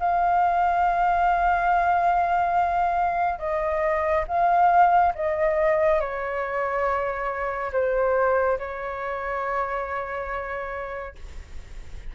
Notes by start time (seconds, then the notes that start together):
0.00 F5
3.39 D#5
4.28 F5
5.15 D#5
6.00 C#5
7.73 C5
8.59 C#5